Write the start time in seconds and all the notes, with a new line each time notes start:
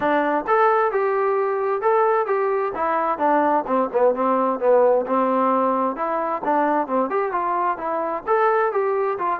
0.00 D4
0.47 A4
0.91 G4
1.81 A4
2.26 G4
2.75 E4
3.18 D4
3.66 C4
3.92 B3
4.14 C4
4.59 B3
5.06 C4
5.96 E4
6.44 D4
6.87 C4
7.10 G4
7.32 F4
7.77 E4
8.26 A4
8.72 G4
9.18 F4